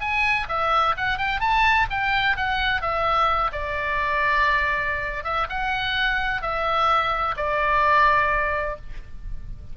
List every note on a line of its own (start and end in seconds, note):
0.00 0.47 G#5
0.48 0.95 E5
0.97 1.18 F#5
1.18 1.40 G5
1.40 1.86 A5
1.90 2.36 G5
2.36 2.81 F#5
2.81 3.51 E5
3.52 5.24 D5
5.24 5.47 E5
5.49 6.42 F#5
6.42 7.35 E5
7.36 8.76 D5